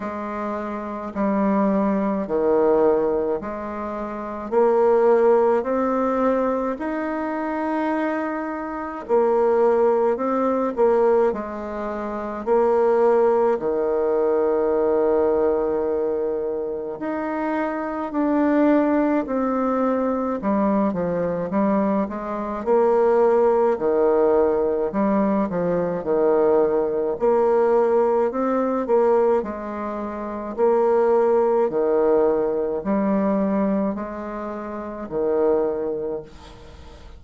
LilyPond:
\new Staff \with { instrumentName = "bassoon" } { \time 4/4 \tempo 4 = 53 gis4 g4 dis4 gis4 | ais4 c'4 dis'2 | ais4 c'8 ais8 gis4 ais4 | dis2. dis'4 |
d'4 c'4 g8 f8 g8 gis8 | ais4 dis4 g8 f8 dis4 | ais4 c'8 ais8 gis4 ais4 | dis4 g4 gis4 dis4 | }